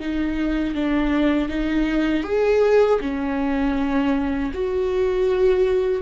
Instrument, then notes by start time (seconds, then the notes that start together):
viola
0.00 D#4
0.75 D4
1.49 D#4
2.24 G#4
3.01 C#4
4.54 F#4